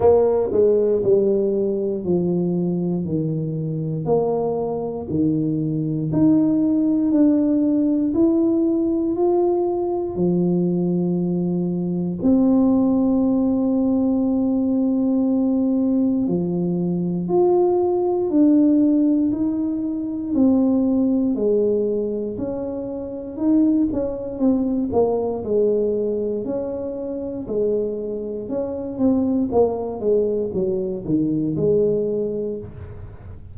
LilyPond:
\new Staff \with { instrumentName = "tuba" } { \time 4/4 \tempo 4 = 59 ais8 gis8 g4 f4 dis4 | ais4 dis4 dis'4 d'4 | e'4 f'4 f2 | c'1 |
f4 f'4 d'4 dis'4 | c'4 gis4 cis'4 dis'8 cis'8 | c'8 ais8 gis4 cis'4 gis4 | cis'8 c'8 ais8 gis8 fis8 dis8 gis4 | }